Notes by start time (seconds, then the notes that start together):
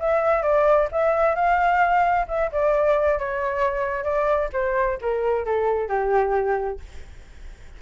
0.00 E5
0.43 D5
0.92 E5
1.36 F5
2.29 E5
2.52 D5
3.19 C#5
4.04 D5
4.53 C5
5.02 A#4
5.46 A4
5.89 G4